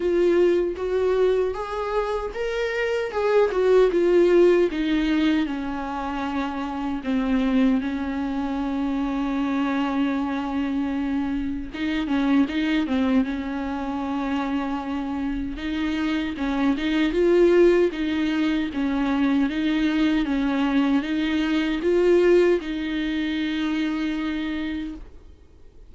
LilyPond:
\new Staff \with { instrumentName = "viola" } { \time 4/4 \tempo 4 = 77 f'4 fis'4 gis'4 ais'4 | gis'8 fis'8 f'4 dis'4 cis'4~ | cis'4 c'4 cis'2~ | cis'2. dis'8 cis'8 |
dis'8 c'8 cis'2. | dis'4 cis'8 dis'8 f'4 dis'4 | cis'4 dis'4 cis'4 dis'4 | f'4 dis'2. | }